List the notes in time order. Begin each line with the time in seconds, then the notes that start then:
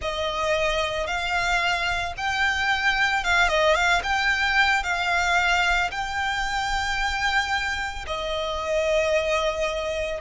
0.01 D#5
1.06 F5
2.17 G5
3.24 F5
3.48 D#5
3.74 F5
4.03 G5
4.83 F5
5.91 G5
8.06 D#5